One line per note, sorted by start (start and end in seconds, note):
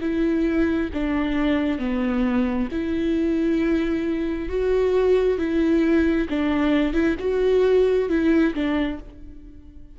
0.00 0.90 E4
0.93 1.78 D4
1.78 2.68 B3
2.71 4.49 E4
4.49 5.38 F#4
5.38 6.27 E4
6.29 6.93 D4
6.93 7.16 E4
7.19 8.08 F#4
8.08 8.53 E4
8.54 8.99 D4